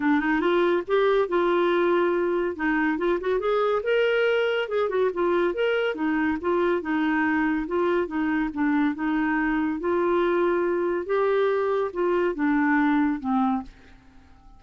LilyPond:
\new Staff \with { instrumentName = "clarinet" } { \time 4/4 \tempo 4 = 141 d'8 dis'8 f'4 g'4 f'4~ | f'2 dis'4 f'8 fis'8 | gis'4 ais'2 gis'8 fis'8 | f'4 ais'4 dis'4 f'4 |
dis'2 f'4 dis'4 | d'4 dis'2 f'4~ | f'2 g'2 | f'4 d'2 c'4 | }